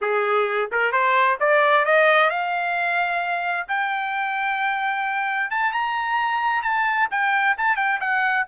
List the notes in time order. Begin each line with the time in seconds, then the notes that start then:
0.01 G#4
0.71 A#4
0.91 C5
1.40 D5
1.85 D#5
2.30 F5
3.67 G5
5.50 A5
5.72 A#5
6.62 A5
7.10 G5
7.57 A5
7.76 G5
8.00 F#5